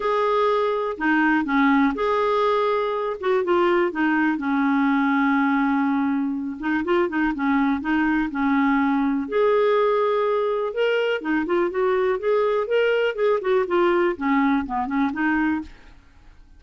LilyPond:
\new Staff \with { instrumentName = "clarinet" } { \time 4/4 \tempo 4 = 123 gis'2 dis'4 cis'4 | gis'2~ gis'8 fis'8 f'4 | dis'4 cis'2.~ | cis'4. dis'8 f'8 dis'8 cis'4 |
dis'4 cis'2 gis'4~ | gis'2 ais'4 dis'8 f'8 | fis'4 gis'4 ais'4 gis'8 fis'8 | f'4 cis'4 b8 cis'8 dis'4 | }